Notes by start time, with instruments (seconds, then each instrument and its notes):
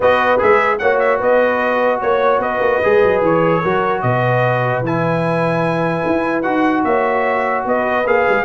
0.00 tuba B3, trombone F#4, horn B4, trumpet D#5
0.38 tuba G#3, trombone G#4, trumpet E5
0.78 tuba A#3, trombone F#4, horn C#5, trumpet F#5
0.99 trumpet E5
1.18 tuba B3, horn B4, trumpet D#5
2.01 tuba A#3, trumpet C#5, horn C#5
2.38 tuba B3, horn B4, trumpet D#5
2.60 tuba A#3
2.83 tuba G#3, trombone G#4
3.03 tuba F#3
3.21 tuba E3, trumpet C#5
3.62 tuba F#3, trombone F#4, horn A#4
4.01 tuba B2, horn B4, trumpet D#5
4.81 tuba E3, trombone E4, trumpet G#5
6.06 tuba E4
6.42 tuba D#4, trombone F#4, trumpet F#5
6.84 tuba A#3, horn C#5, trumpet E5
7.65 tuba B3, horn B4, trumpet D#5
8.05 tuba A#3, trombone G#4, trumpet F5
8.29 tuba G#3